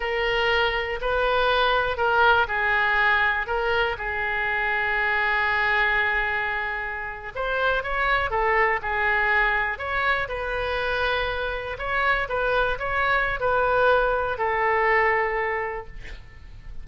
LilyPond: \new Staff \with { instrumentName = "oboe" } { \time 4/4 \tempo 4 = 121 ais'2 b'2 | ais'4 gis'2 ais'4 | gis'1~ | gis'2~ gis'8. c''4 cis''16~ |
cis''8. a'4 gis'2 cis''16~ | cis''8. b'2. cis''16~ | cis''8. b'4 cis''4~ cis''16 b'4~ | b'4 a'2. | }